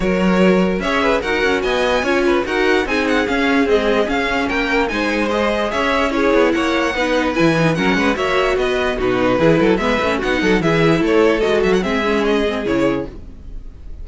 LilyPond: <<
  \new Staff \with { instrumentName = "violin" } { \time 4/4 \tempo 4 = 147 cis''2 e''4 fis''4 | gis''2 fis''4 gis''8 fis''8 | f''4 dis''4 f''4 g''4 | gis''4 dis''4 e''4 cis''4 |
fis''2 gis''4 fis''4 | e''4 dis''4 b'2 | e''4 fis''4 e''4 cis''4 | dis''8 e''16 fis''16 e''4 dis''4 cis''4 | }
  \new Staff \with { instrumentName = "violin" } { \time 4/4 ais'2 cis''8 b'8 ais'4 | dis''4 cis''8 b'8 ais'4 gis'4~ | gis'2. ais'4 | c''2 cis''4 gis'4 |
cis''4 b'2 ais'8 b'8 | cis''4 b'4 fis'4 gis'8 a'8 | b'4 fis'8 a'8 gis'4 a'4~ | a'4 gis'2. | }
  \new Staff \with { instrumentName = "viola" } { \time 4/4 fis'2 gis'4 fis'4~ | fis'4 f'4 fis'4 dis'4 | cis'4 gis4 cis'2 | dis'4 gis'2 e'4~ |
e'4 dis'4 e'8 dis'8 cis'4 | fis'2 dis'4 e'4 | b8 cis'8 dis'4 e'2 | fis'4 c'8 cis'4 c'8 e'4 | }
  \new Staff \with { instrumentName = "cello" } { \time 4/4 fis2 cis'4 dis'8 cis'8 | b4 cis'4 dis'4 c'4 | cis'4 c'4 cis'4 ais4 | gis2 cis'4. b8 |
ais4 b4 e4 fis8 gis8 | ais4 b4 b,4 e8 fis8 | gis8 a8 b8 fis8 e4 a4 | gis8 fis8 gis2 cis4 | }
>>